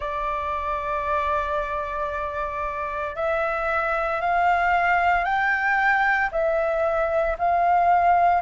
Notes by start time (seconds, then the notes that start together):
0.00 D5
3.15 E5
4.21 F5
5.24 G5
6.31 E5
7.38 F5